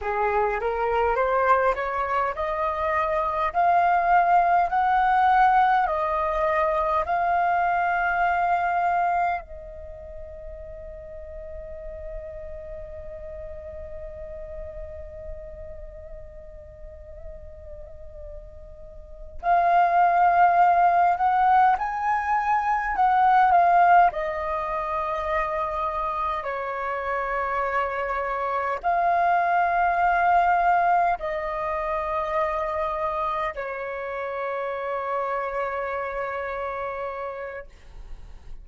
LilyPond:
\new Staff \with { instrumentName = "flute" } { \time 4/4 \tempo 4 = 51 gis'8 ais'8 c''8 cis''8 dis''4 f''4 | fis''4 dis''4 f''2 | dis''1~ | dis''1~ |
dis''8 f''4. fis''8 gis''4 fis''8 | f''8 dis''2 cis''4.~ | cis''8 f''2 dis''4.~ | dis''8 cis''2.~ cis''8 | }